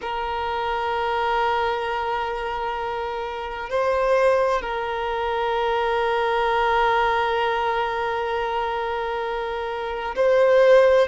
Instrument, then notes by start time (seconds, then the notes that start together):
violin
0.01 A#4
3.69 C5
4.61 A#4
10.15 C5